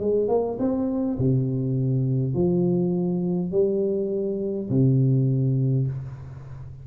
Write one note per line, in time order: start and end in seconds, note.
0.00 0.28 G#3
0.28 0.58 A#3
0.59 1.18 C4
1.19 2.34 C3
2.34 3.52 F3
3.52 4.69 G3
4.70 5.87 C3